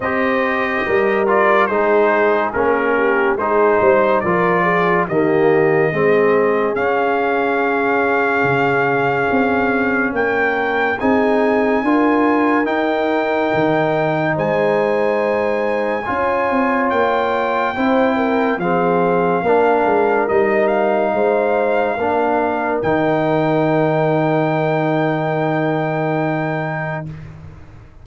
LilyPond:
<<
  \new Staff \with { instrumentName = "trumpet" } { \time 4/4 \tempo 4 = 71 dis''4. d''8 c''4 ais'4 | c''4 d''4 dis''2 | f''1 | g''4 gis''2 g''4~ |
g''4 gis''2. | g''2 f''2 | dis''8 f''2~ f''8 g''4~ | g''1 | }
  \new Staff \with { instrumentName = "horn" } { \time 4/4 c''4 ais'4 gis'4. g'8 | gis'8 c''8 ais'8 gis'8 g'4 gis'4~ | gis'1 | ais'4 gis'4 ais'2~ |
ais'4 c''2 cis''4~ | cis''4 c''8 ais'8 gis'4 ais'4~ | ais'4 c''4 ais'2~ | ais'1 | }
  \new Staff \with { instrumentName = "trombone" } { \time 4/4 g'4. f'8 dis'4 cis'4 | dis'4 f'4 ais4 c'4 | cis'1~ | cis'4 dis'4 f'4 dis'4~ |
dis'2. f'4~ | f'4 e'4 c'4 d'4 | dis'2 d'4 dis'4~ | dis'1 | }
  \new Staff \with { instrumentName = "tuba" } { \time 4/4 c'4 g4 gis4 ais4 | gis8 g8 f4 dis4 gis4 | cis'2 cis4 c'4 | ais4 c'4 d'4 dis'4 |
dis4 gis2 cis'8 c'8 | ais4 c'4 f4 ais8 gis8 | g4 gis4 ais4 dis4~ | dis1 | }
>>